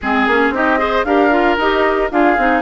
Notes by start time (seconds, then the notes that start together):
0.01 G#3 C4 G#4
0.27 A#3 C#4
0.50 C4 D#4 G4 D#5
0.78 G#4 C5
1.04 D4 G4 A#4 F5
1.30 F4
1.57 D#4 G4 D#5
2.10 D4 F4 G#4 F5
2.37 C4 D#4